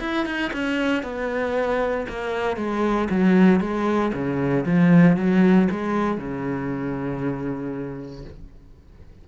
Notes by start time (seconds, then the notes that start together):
0.00 E4
0.26 D#4
0.53 C#4
1.03 B3
2.09 A#3
2.57 G#3
3.11 F#3
3.61 G#3
4.14 C#3
4.66 F3
5.17 F#3
5.71 G#3
6.18 C#3